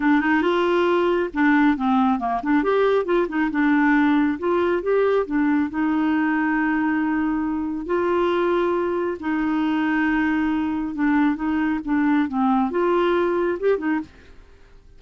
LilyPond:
\new Staff \with { instrumentName = "clarinet" } { \time 4/4 \tempo 4 = 137 d'8 dis'8 f'2 d'4 | c'4 ais8 d'8 g'4 f'8 dis'8 | d'2 f'4 g'4 | d'4 dis'2.~ |
dis'2 f'2~ | f'4 dis'2.~ | dis'4 d'4 dis'4 d'4 | c'4 f'2 g'8 dis'8 | }